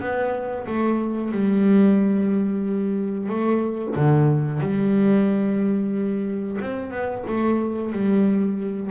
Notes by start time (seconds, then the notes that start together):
0.00 B3
0.66 A3
1.32 G3
3.29 A3
3.96 D3
4.60 G3
6.61 C4
6.91 B3
7.27 A3
7.92 G3